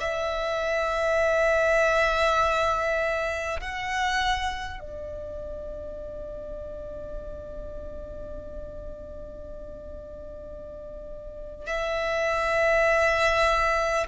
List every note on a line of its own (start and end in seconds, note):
0.00 3.60 E5
3.61 4.79 F#5
4.79 11.67 D5
11.67 14.06 E5